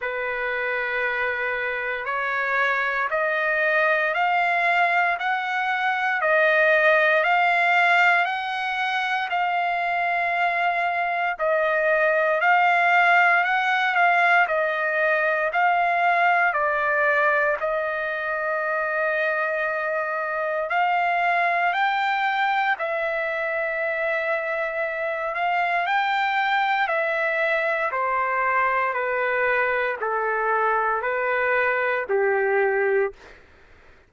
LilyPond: \new Staff \with { instrumentName = "trumpet" } { \time 4/4 \tempo 4 = 58 b'2 cis''4 dis''4 | f''4 fis''4 dis''4 f''4 | fis''4 f''2 dis''4 | f''4 fis''8 f''8 dis''4 f''4 |
d''4 dis''2. | f''4 g''4 e''2~ | e''8 f''8 g''4 e''4 c''4 | b'4 a'4 b'4 g'4 | }